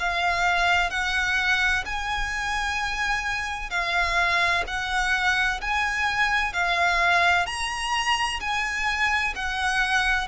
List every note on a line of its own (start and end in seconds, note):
0.00 0.91 F5
0.91 1.85 F#5
1.86 3.71 G#5
3.71 4.64 F5
4.67 5.61 F#5
5.62 6.54 G#5
6.54 7.47 F5
7.47 8.40 A#5
8.41 9.35 G#5
9.36 10.28 F#5